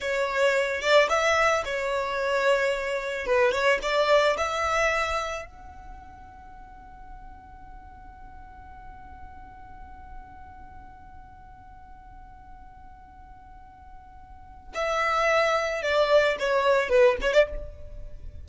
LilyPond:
\new Staff \with { instrumentName = "violin" } { \time 4/4 \tempo 4 = 110 cis''4. d''8 e''4 cis''4~ | cis''2 b'8 cis''8 d''4 | e''2 fis''2~ | fis''1~ |
fis''1~ | fis''1~ | fis''2. e''4~ | e''4 d''4 cis''4 b'8 cis''16 d''16 | }